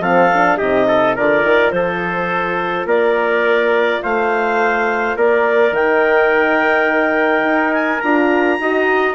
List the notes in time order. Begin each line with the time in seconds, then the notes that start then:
0.00 F3 C4 A4 F5
0.34 D4
0.57 C3 D#4 G4 D#5
0.88 A4
1.16 D3 F4 A#4 D5
1.43 D#3
1.71 F3 A4 C5
2.86 A#3 A#4 D5
4.03 A3 C5 F5
5.17 A#3 A#4 D5
5.72 D#3 D#4 G5
7.44 D#4
7.73 G#5
8.00 D4 F4 A#5
8.60 D#4 F#4 D#5